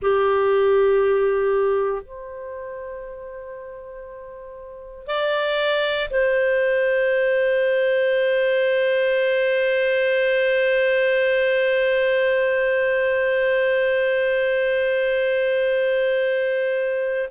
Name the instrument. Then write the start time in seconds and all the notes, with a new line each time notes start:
clarinet
0.02 G4
2.02 C5
5.07 D5
6.10 C5